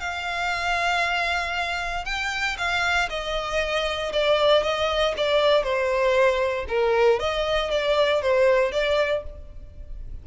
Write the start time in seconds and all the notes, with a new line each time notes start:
0.00 F5
2.05 G5
2.58 F5
3.10 D#5
4.13 D5
4.63 D#5
5.17 D5
5.63 C5
6.69 A#4
7.20 D#5
7.71 D5
8.22 C5
8.72 D5